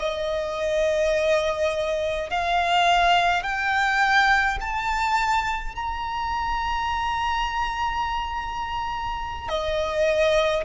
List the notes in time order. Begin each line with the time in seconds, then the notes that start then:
0.00 D#5
2.31 F5
3.44 G5
4.61 A5
5.76 A#5
9.49 D#5